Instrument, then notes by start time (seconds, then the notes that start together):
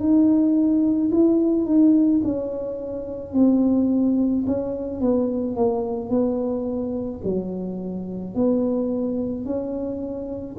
tuba
0.00 D#4
1.12 E4
1.66 D#4
2.24 C#4
3.34 C4
4.47 C#4
5.01 B3
5.57 A#3
6.10 B3
7.24 F#3
8.35 B3
9.45 C#4